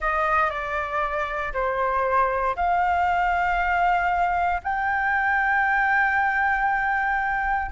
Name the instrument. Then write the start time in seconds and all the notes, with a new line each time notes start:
flute
0.00 D#5
0.50 D5
1.53 C5
2.56 F5
4.63 G5